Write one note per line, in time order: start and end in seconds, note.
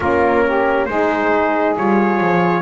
0.00 0.88 A#3
0.00 0.89 C#4
0.00 0.44 F4
0.00 0.85 A#4
0.45 0.87 G4
0.85 1.76 G#3
0.85 1.76 D#4
0.85 2.61 G#4
0.85 1.74 C5
1.76 2.20 G3
1.76 2.61 F4
1.76 2.61 C#5
2.20 2.61 F3